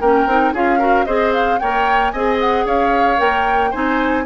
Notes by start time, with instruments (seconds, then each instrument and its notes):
0.00 bassoon A#3, clarinet C#4, oboe A#4, flute G5
0.26 bassoon C4, clarinet D#4
0.53 bassoon C#4, clarinet F4, oboe G#4, flute F5
0.79 clarinet F#4, oboe A#4
1.05 bassoon C4, clarinet G#4, oboe C5, flute D#5
1.33 flute F5
1.59 bassoon A#3, clarinet A#4, oboe C#5, flute G5
2.10 bassoon C4, clarinet G#4, oboe D#5, flute G#5
2.40 flute F#5
2.65 bassoon C#4, oboe C#5, flute F5
3.17 bassoon A#3, clarinet A#4, flute G5
3.70 bassoon C4, clarinet D#4, oboe C5, flute G#5